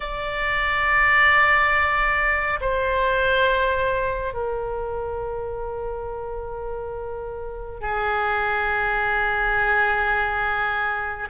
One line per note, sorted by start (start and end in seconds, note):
0.00 2.59 D5
2.60 4.33 C5
4.33 7.81 A#4
7.81 11.28 G#4